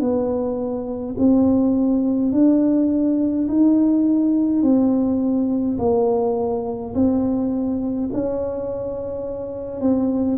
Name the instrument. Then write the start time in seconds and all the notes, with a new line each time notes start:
tuba
0.00 B3
1.18 C4
2.32 D4
3.48 D#4
4.62 C4
5.78 A#3
6.94 C4
8.12 C#4
9.80 C4